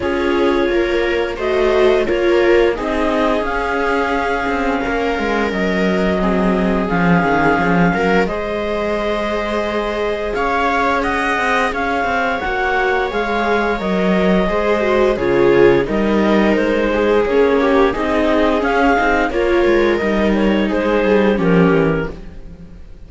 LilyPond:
<<
  \new Staff \with { instrumentName = "clarinet" } { \time 4/4 \tempo 4 = 87 cis''2 dis''4 cis''4 | dis''4 f''2. | dis''2 f''2 | dis''2. f''4 |
fis''4 f''4 fis''4 f''4 | dis''2 cis''4 dis''4 | c''4 cis''4 dis''4 f''4 | cis''4 dis''8 cis''8 c''4 ais'4 | }
  \new Staff \with { instrumentName = "viola" } { \time 4/4 gis'4 ais'4 c''4 ais'4 | gis'2. ais'4~ | ais'4 gis'2~ gis'8 ais'8 | c''2. cis''4 |
dis''4 cis''2.~ | cis''4 c''4 gis'4 ais'4~ | ais'8 gis'4 g'8 gis'2 | ais'2 gis'4 g'4 | }
  \new Staff \with { instrumentName = "viola" } { \time 4/4 f'2 fis'4 f'4 | dis'4 cis'2.~ | cis'4 c'4 cis'2 | gis'1~ |
gis'2 fis'4 gis'4 | ais'4 gis'8 fis'8 f'4 dis'4~ | dis'4 cis'4 dis'4 cis'8 dis'8 | f'4 dis'2 cis'4 | }
  \new Staff \with { instrumentName = "cello" } { \time 4/4 cis'4 ais4 a4 ais4 | c'4 cis'4. c'8 ais8 gis8 | fis2 f8 dis8 f8 fis8 | gis2. cis'4~ |
cis'8 c'8 cis'8 c'8 ais4 gis4 | fis4 gis4 cis4 g4 | gis4 ais4 c'4 cis'8 c'8 | ais8 gis8 g4 gis8 g8 f8 e8 | }
>>